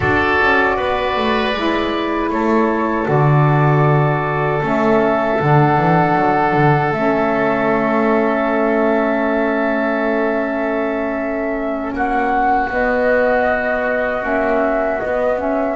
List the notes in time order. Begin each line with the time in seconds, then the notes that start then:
0.00 D4 F#4 A4 D5
0.41 C#4
0.76 B3 B4
1.16 A3
1.52 G#3 E4
2.29 A3 A4 C#5
3.05 D3 F#4 D5
4.60 A3 C#4 E5
5.39 D3 D4 F#5
5.77 E3
6.15 F#3
6.53 D3
6.91 A3 C#4 E5
11.92 A#3 F#4 F#5
12.69 B3 D#5
14.21 A#3 C#4 E5
15.00 B3 D#5
15.38 C#4 E5